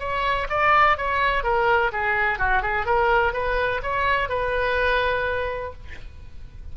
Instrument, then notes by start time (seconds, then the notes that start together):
oboe
0.00 C#5
0.50 D5
0.98 C#5
1.44 A#4
1.93 G#4
2.39 F#4
2.62 G#4
2.86 A#4
3.34 B4
3.83 C#5
4.29 B4